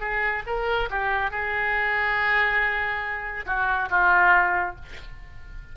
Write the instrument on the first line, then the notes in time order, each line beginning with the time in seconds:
oboe
0.00 G#4
0.47 A#4
0.90 G4
1.31 G#4
3.46 F#4
3.90 F4